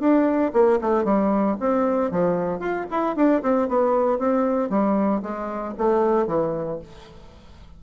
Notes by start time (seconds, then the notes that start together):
0.00 D4
0.53 A#3
0.81 A3
1.05 G3
1.60 C4
2.11 F3
2.60 F4
2.91 E4
3.16 D4
3.42 C4
3.68 B3
4.19 C4
4.70 G3
5.22 G#3
5.78 A3
6.27 E3